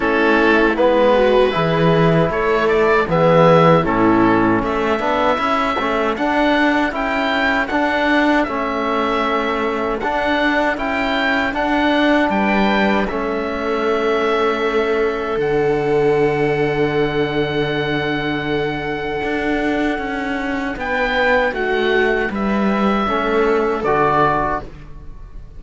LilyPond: <<
  \new Staff \with { instrumentName = "oboe" } { \time 4/4 \tempo 4 = 78 a'4 b'2 cis''8 d''8 | e''4 a'4 e''2 | fis''4 g''4 fis''4 e''4~ | e''4 fis''4 g''4 fis''4 |
g''4 e''2. | fis''1~ | fis''2. g''4 | fis''4 e''2 d''4 | }
  \new Staff \with { instrumentName = "viola" } { \time 4/4 e'4. fis'8 gis'4 a'4 | gis'4 e'4 a'2~ | a'1~ | a'1 |
b'4 a'2.~ | a'1~ | a'2. b'4 | fis'4 b'4 a'2 | }
  \new Staff \with { instrumentName = "trombone" } { \time 4/4 cis'4 b4 e'2 | b4 cis'4. d'8 e'8 cis'8 | d'4 e'4 d'4 cis'4~ | cis'4 d'4 e'4 d'4~ |
d'4 cis'2. | d'1~ | d'1~ | d'2 cis'4 fis'4 | }
  \new Staff \with { instrumentName = "cello" } { \time 4/4 a4 gis4 e4 a4 | e4 a,4 a8 b8 cis'8 a8 | d'4 cis'4 d'4 a4~ | a4 d'4 cis'4 d'4 |
g4 a2. | d1~ | d4 d'4 cis'4 b4 | a4 g4 a4 d4 | }
>>